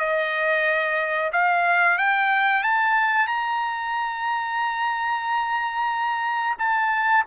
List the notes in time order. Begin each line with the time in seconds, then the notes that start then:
0.00 D#5
1.33 F5
1.98 G5
2.64 A5
3.28 A#5
6.59 A5